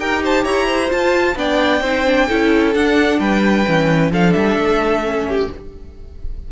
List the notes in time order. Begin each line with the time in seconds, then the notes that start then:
0.00 D#4 G4 A#4 G5
0.23 C5 A5
0.44 E4 C#5 A#5
0.67 C5
0.89 F4 A5
1.36 B3 D4 D5 G5
1.82 C4 D#4 C5
2.06 D4
2.28 C#4 E4 A4
2.75 D4 F#5
3.20 G3 B4 G5
3.67 E3 C#4
4.12 F3 D4 A4 F5
4.33 G3 E5
4.57 A3
5.04 C#4
5.29 G4